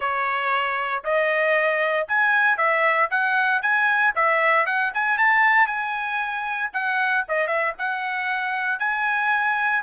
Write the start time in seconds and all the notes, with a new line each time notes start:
0.00 C#5
1.03 D#5
2.08 G#5
2.57 E5
3.10 F#5
3.62 G#5
4.15 E5
4.66 F#5
4.93 G#5
5.18 A5
5.66 G#5
6.73 F#5
7.28 D#5
7.47 E5
7.78 F#5
8.79 G#5